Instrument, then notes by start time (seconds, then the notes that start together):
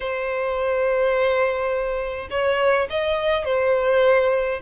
violin
0.00 C5
2.30 C#5
2.90 D#5
3.45 C5